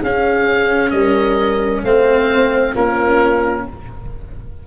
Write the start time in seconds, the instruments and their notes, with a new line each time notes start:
0.00 tuba C#4, cello C#4, horn G#4, oboe F5
0.90 tuba G3, horn A#4, oboe D#5
1.83 tuba A3, cello C4, horn C5, oboe F5
2.73 tuba A#3, cello C#4, horn F4, oboe A#4